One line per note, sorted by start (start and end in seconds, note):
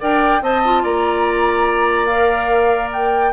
0.00 0.41 D4
0.00 0.42 A#4
0.00 0.42 D5
0.00 0.43 G5
0.41 0.83 C4
0.41 0.63 C5
0.41 0.83 D#5
0.41 0.84 A5
0.64 2.10 F4
0.83 3.33 A#3
0.83 3.33 D5
0.83 2.05 A#5
2.05 3.33 A#4
2.05 2.89 F5
2.92 3.33 G5